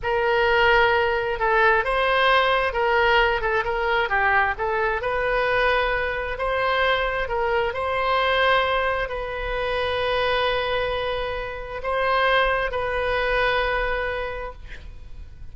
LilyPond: \new Staff \with { instrumentName = "oboe" } { \time 4/4 \tempo 4 = 132 ais'2. a'4 | c''2 ais'4. a'8 | ais'4 g'4 a'4 b'4~ | b'2 c''2 |
ais'4 c''2. | b'1~ | b'2 c''2 | b'1 | }